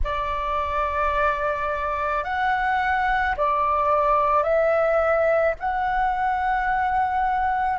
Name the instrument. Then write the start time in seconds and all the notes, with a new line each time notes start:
flute
0.04 D5
2.24 F#5
3.36 D5
4.43 E5
5.59 F#5